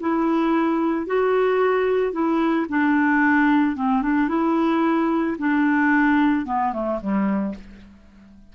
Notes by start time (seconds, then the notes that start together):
0.00 E4
1.06 F#4
2.12 E4
2.69 D4
3.76 C4
4.02 D4
4.29 E4
5.38 D4
6.46 B3
6.73 A3
7.01 G3